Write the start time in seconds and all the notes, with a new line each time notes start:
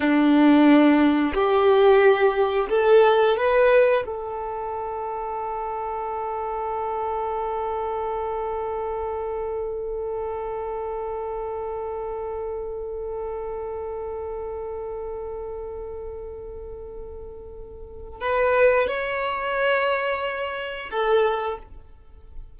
0.00 D4
1.34 G4
2.69 A4
3.36 B4
4.05 A4
18.20 B4
18.87 C#5
20.90 A4